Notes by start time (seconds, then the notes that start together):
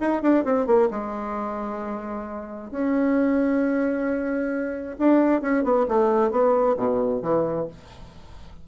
0.00 D#4
0.22 D4
0.45 C4
0.66 A#3
0.90 G#3
2.71 C#4
4.98 D4
5.41 C#4
5.63 B3
5.88 A3
6.31 B3
6.77 B2
7.22 E3